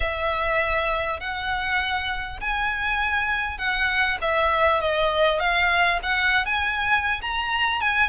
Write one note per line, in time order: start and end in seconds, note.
0.00 1.20 E5
1.20 2.40 F#5
2.40 3.58 G#5
3.58 4.18 F#5
4.21 4.81 E5
4.81 5.39 D#5
5.39 5.99 F5
6.02 6.45 F#5
6.45 7.20 G#5
7.21 7.80 A#5
7.80 8.09 G#5